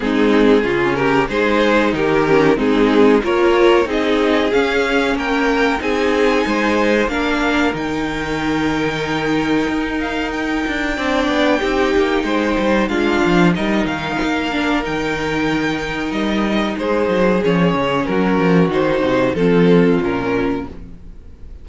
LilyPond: <<
  \new Staff \with { instrumentName = "violin" } { \time 4/4 \tempo 4 = 93 gis'4. ais'8 c''4 ais'4 | gis'4 cis''4 dis''4 f''4 | g''4 gis''2 f''4 | g''2.~ g''8 f''8 |
g''1 | f''4 dis''8 f''4. g''4~ | g''4 dis''4 c''4 cis''4 | ais'4 c''4 a'4 ais'4 | }
  \new Staff \with { instrumentName = "violin" } { \time 4/4 dis'4 f'8 g'8 gis'4 g'4 | dis'4 ais'4 gis'2 | ais'4 gis'4 c''4 ais'4~ | ais'1~ |
ais'4 d''4 g'4 c''4 | f'4 ais'2.~ | ais'2 gis'2 | fis'2 f'2 | }
  \new Staff \with { instrumentName = "viola" } { \time 4/4 c'4 cis'4 dis'4. cis'8 | c'4 f'4 dis'4 cis'4~ | cis'4 dis'2 d'4 | dis'1~ |
dis'4 d'4 dis'2 | d'4 dis'4. d'8 dis'4~ | dis'2. cis'4~ | cis'4 dis'4 c'4 cis'4 | }
  \new Staff \with { instrumentName = "cello" } { \time 4/4 gis4 cis4 gis4 dis4 | gis4 ais4 c'4 cis'4 | ais4 c'4 gis4 ais4 | dis2. dis'4~ |
dis'8 d'8 c'8 b8 c'8 ais8 gis8 g8 | gis8 f8 g8 dis8 ais4 dis4~ | dis4 g4 gis8 fis8 f8 cis8 | fis8 f8 dis8 c8 f4 ais,4 | }
>>